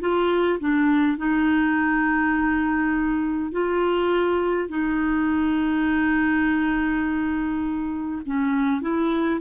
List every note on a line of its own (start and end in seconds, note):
0.00 0.59 F4
0.60 1.17 D4
1.17 3.52 D#4
3.52 4.69 F4
4.69 8.22 D#4
8.26 8.81 C#4
8.81 9.40 E4